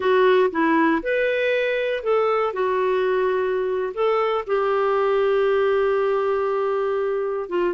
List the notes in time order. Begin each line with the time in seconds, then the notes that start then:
0.00 F#4
0.51 E4
1.03 B4
2.03 A4
2.53 F#4
3.94 A4
4.46 G4
7.49 F4